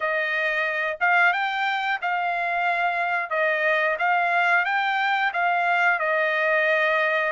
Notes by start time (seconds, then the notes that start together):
0.00 D#5
1.00 F5
1.32 G5
2.01 F5
3.30 D#5
3.98 F5
4.65 G5
5.33 F5
5.99 D#5